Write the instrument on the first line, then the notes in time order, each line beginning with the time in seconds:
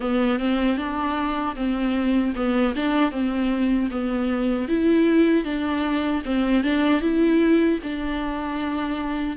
viola
0.00 B3
0.39 C4
0.77 D4
1.55 C4
2.35 B3
2.75 D4
3.11 C4
3.90 B3
4.68 E4
5.44 D4
6.25 C4
6.63 D4
7.01 E4
7.83 D4